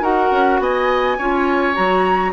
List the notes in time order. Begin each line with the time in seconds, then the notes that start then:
0.00 D#4 F#4 A#4 F#5
0.31 C#4
0.59 B3 D#5 G#5
1.17 C#4 F4 C#5
1.73 F#3 F#4 A#5